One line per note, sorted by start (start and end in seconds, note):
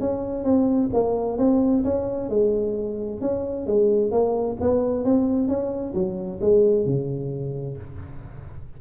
0.00 0.44 C#4
0.44 0.90 C4
0.93 1.38 A#3
1.38 1.83 C4
1.84 2.29 C#4
2.29 3.21 G#3
3.21 3.66 C#4
3.66 4.11 G#3
4.11 4.57 A#3
4.61 5.04 B3
5.04 5.48 C4
5.48 5.94 C#4
5.94 6.40 F#3
6.41 6.86 G#3
6.86 7.77 C#3